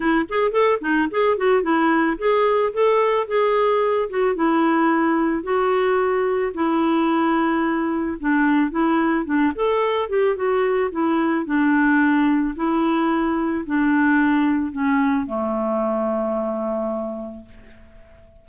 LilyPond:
\new Staff \with { instrumentName = "clarinet" } { \time 4/4 \tempo 4 = 110 e'8 gis'8 a'8 dis'8 gis'8 fis'8 e'4 | gis'4 a'4 gis'4. fis'8 | e'2 fis'2 | e'2. d'4 |
e'4 d'8 a'4 g'8 fis'4 | e'4 d'2 e'4~ | e'4 d'2 cis'4 | a1 | }